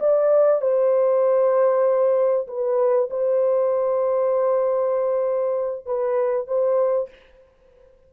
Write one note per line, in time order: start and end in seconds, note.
0.00 0.62 D5
0.62 2.47 C5
2.47 3.09 B4
3.10 5.86 C5
5.86 6.48 B4
6.48 7.09 C5